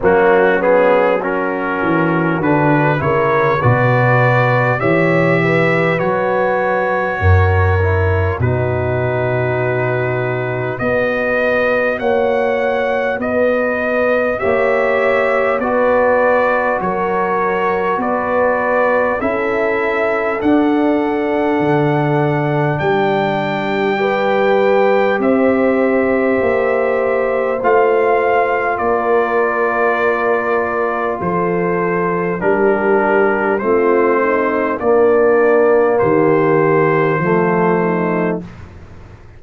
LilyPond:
<<
  \new Staff \with { instrumentName = "trumpet" } { \time 4/4 \tempo 4 = 50 fis'8 gis'8 ais'4 b'8 cis''8 d''4 | e''4 cis''2 b'4~ | b'4 dis''4 fis''4 dis''4 | e''4 d''4 cis''4 d''4 |
e''4 fis''2 g''4~ | g''4 e''2 f''4 | d''2 c''4 ais'4 | c''4 d''4 c''2 | }
  \new Staff \with { instrumentName = "horn" } { \time 4/4 cis'4 fis'4. ais'8 b'4 | cis''8 b'4. ais'4 fis'4~ | fis'4 b'4 cis''4 b'4 | cis''4 b'4 ais'4 b'4 |
a'2. g'4 | b'4 c''2. | ais'2 a'4 g'4 | f'8 dis'8 d'4 g'4 f'8 dis'8 | }
  \new Staff \with { instrumentName = "trombone" } { \time 4/4 ais8 b8 cis'4 d'8 e'8 fis'4 | g'4 fis'4. e'8 dis'4~ | dis'4 fis'2. | g'4 fis'2. |
e'4 d'2. | g'2. f'4~ | f'2. d'4 | c'4 ais2 a4 | }
  \new Staff \with { instrumentName = "tuba" } { \time 4/4 fis4. e8 d8 cis8 b,4 | e4 fis4 fis,4 b,4~ | b,4 b4 ais4 b4 | ais4 b4 fis4 b4 |
cis'4 d'4 d4 g4~ | g4 c'4 ais4 a4 | ais2 f4 g4 | a4 ais4 dis4 f4 | }
>>